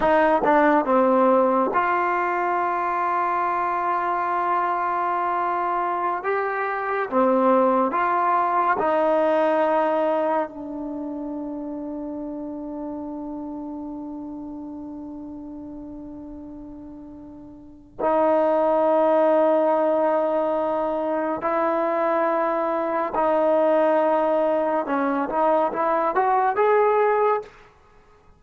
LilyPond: \new Staff \with { instrumentName = "trombone" } { \time 4/4 \tempo 4 = 70 dis'8 d'8 c'4 f'2~ | f'2.~ f'16 g'8.~ | g'16 c'4 f'4 dis'4.~ dis'16~ | dis'16 d'2.~ d'8.~ |
d'1~ | d'4 dis'2.~ | dis'4 e'2 dis'4~ | dis'4 cis'8 dis'8 e'8 fis'8 gis'4 | }